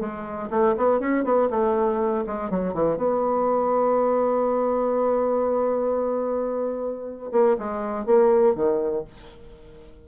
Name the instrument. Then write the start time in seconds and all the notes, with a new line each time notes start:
bassoon
0.00 G#3
0.50 A3
0.77 B3
1.00 C#4
1.24 B3
1.50 A3
2.27 G#3
2.50 F#3
2.74 E3
2.97 B3
7.32 A#3
7.58 G#3
8.06 A#3
8.55 D#3